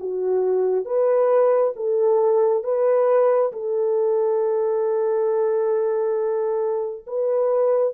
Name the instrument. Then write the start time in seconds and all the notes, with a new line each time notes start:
horn
0.00 F#4
0.85 B4
1.76 A4
2.64 B4
3.52 A4
7.07 B4